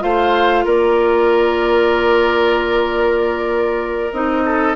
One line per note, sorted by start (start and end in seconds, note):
0.00 0.65 A3
0.00 4.11 F4
0.00 0.65 C5
0.00 0.66 F5
0.65 4.12 A#3
0.65 4.44 A#4
0.65 4.13 D5
4.12 4.76 C4
4.12 4.76 D#4
4.12 4.76 D#5
4.45 4.76 A4